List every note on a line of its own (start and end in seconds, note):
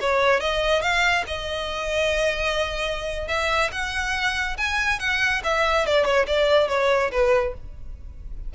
0.00 0.40 C#5
0.40 0.82 D#5
0.82 1.24 F5
1.27 3.28 D#5
3.28 3.70 E5
3.72 4.57 F#5
4.57 4.99 G#5
4.99 5.42 F#5
5.44 5.86 E5
5.86 6.05 D5
6.05 6.26 C#5
6.27 6.68 D5
6.68 7.11 C#5
7.11 7.54 B4